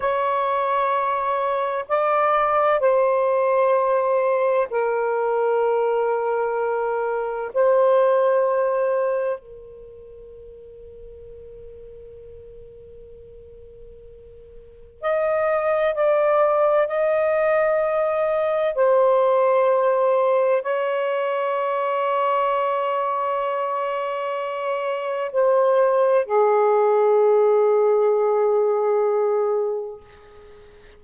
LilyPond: \new Staff \with { instrumentName = "saxophone" } { \time 4/4 \tempo 4 = 64 cis''2 d''4 c''4~ | c''4 ais'2. | c''2 ais'2~ | ais'1 |
dis''4 d''4 dis''2 | c''2 cis''2~ | cis''2. c''4 | gis'1 | }